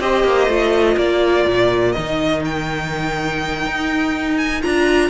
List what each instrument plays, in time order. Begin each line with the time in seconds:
0.00 cello C4, viola G4, violin C5 D#5
0.24 cello A#3
0.47 cello A3, viola F4
0.97 cello A#3, violin A#4 D5
1.47 cello A#2
1.92 cello D#3, viola D#4, violin D#5
2.45 violin G5
3.66 cello D#4
4.37 violin G#5
4.62 cello D4, viola F4, violin A#5